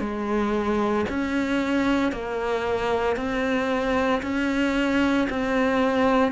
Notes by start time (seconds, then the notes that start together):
0.00 G#3
1.10 C#4
2.12 A#3
3.17 C4
4.22 C#4
5.30 C4